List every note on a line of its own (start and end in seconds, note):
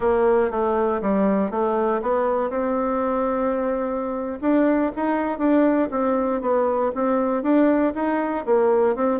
0.00 0.50 A#3
0.50 1.01 A3
1.01 1.50 G3
1.50 2.01 A3
2.02 2.50 B3
2.50 4.39 C4
4.41 4.91 D4
4.96 5.38 D#4
5.38 5.88 D4
5.90 6.41 C4
6.41 6.91 B3
6.94 7.43 C4
7.43 7.93 D4
7.95 8.45 D#4
8.45 8.95 A#3
8.95 9.20 C4